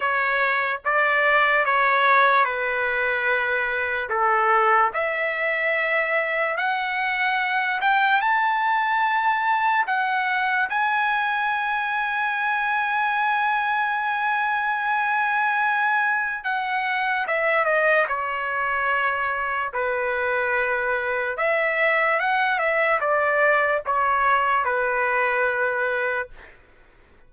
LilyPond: \new Staff \with { instrumentName = "trumpet" } { \time 4/4 \tempo 4 = 73 cis''4 d''4 cis''4 b'4~ | b'4 a'4 e''2 | fis''4. g''8 a''2 | fis''4 gis''2.~ |
gis''1 | fis''4 e''8 dis''8 cis''2 | b'2 e''4 fis''8 e''8 | d''4 cis''4 b'2 | }